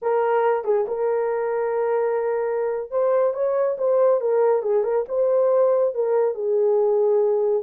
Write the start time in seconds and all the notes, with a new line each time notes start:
0.02 A#4
0.64 G#4
0.87 A#4
2.90 C5
3.33 C#5
3.77 C5
4.20 A#4
4.62 G#4
4.83 A#4
5.08 C5
5.94 A#4
6.34 G#4